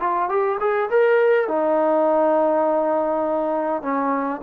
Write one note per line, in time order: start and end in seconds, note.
0.00 0.29 F4
0.29 0.58 G4
0.60 0.90 G#4
0.90 1.48 A#4
1.48 3.82 D#4
3.82 4.41 C#4